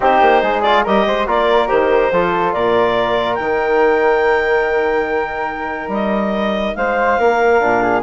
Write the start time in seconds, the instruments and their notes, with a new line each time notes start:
0.00 bassoon C4, trombone D#4, flute G4, clarinet C5
0.21 bassoon A#3
0.42 bassoon G#3, flute G#4
0.62 trombone F4, clarinet D5
0.83 bassoon G3, trombone G4, flute A#4, clarinet D#5
1.06 bassoon G#3, flute C5
1.26 bassoon A#3, trombone F4, flute A#4, clarinet D5
1.67 bassoon D#3, trombone G4, clarinet C5
2.11 bassoon F3, trombone F4, flute A4
2.52 bassoon A#2, flute A#4, clarinet D5
3.34 bassoon D#3, trombone D#4, clarinet G5
5.87 bassoon G3, clarinet D#5
6.75 bassoon G#3, flute C5, clarinet F5
7.18 bassoon A#3, flute A#4
7.60 bassoon A#2, trombone D4
7.82 flute G#4